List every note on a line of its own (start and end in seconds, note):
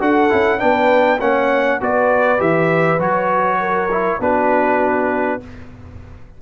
0.00 0.30 D4
0.00 0.29 F#4
0.00 0.60 A4
0.00 0.59 F#5
0.29 0.62 C#4
0.29 0.58 E4
0.58 1.20 B3
0.58 1.19 D4
0.58 1.19 B4
0.58 1.19 G5
1.19 1.80 A#3
1.19 1.80 C#4
1.19 1.79 C#5
1.19 1.80 F#5
1.80 2.40 B3
1.80 2.38 F#4
1.80 3.60 B4
1.80 2.41 D5
2.38 2.98 E3
2.38 2.98 G4
2.38 3.01 E5
2.98 4.19 F#3
2.98 3.89 F#4
2.98 4.21 C#5
3.60 4.20 A#4
3.91 4.20 E4
4.20 5.40 B3
4.20 5.40 D4
4.20 5.41 F#4
4.20 5.42 B4